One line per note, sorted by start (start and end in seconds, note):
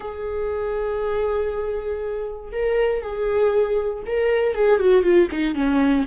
0.00 2.51 G#4
2.52 3.02 A#4
3.02 4.03 G#4
4.06 4.54 A#4
4.54 4.79 G#4
4.79 5.02 F#4
5.02 5.27 F4
5.31 5.54 D#4
5.54 6.05 C#4